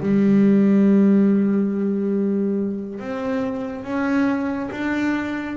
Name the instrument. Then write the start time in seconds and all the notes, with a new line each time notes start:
double bass
0.00 G3
2.99 C4
3.83 C#4
4.71 D4